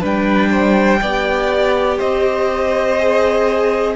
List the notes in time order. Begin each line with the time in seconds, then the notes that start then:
0.00 G3 D4 B4 G5
0.51 C5
1.01 B3 G4 D5
1.97 C4 C5 D#5
2.98 G#4